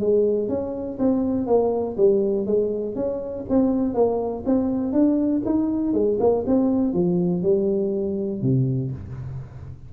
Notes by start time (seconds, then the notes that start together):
0.00 G#3
0.49 C#4
0.99 C4
1.47 A#3
1.97 G3
2.47 G#3
2.96 C#4
3.50 C4
3.95 A#3
4.46 C4
4.93 D4
5.46 D#4
5.94 G#3
6.20 A#3
6.47 C4
6.94 F3
7.43 G3
8.42 C3